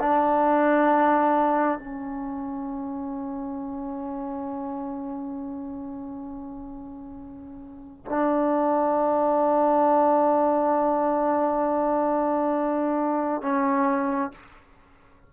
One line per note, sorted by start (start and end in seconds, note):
0.00 1.79 D4
1.79 8.06 C#4
8.06 13.42 D4
13.42 14.32 C#4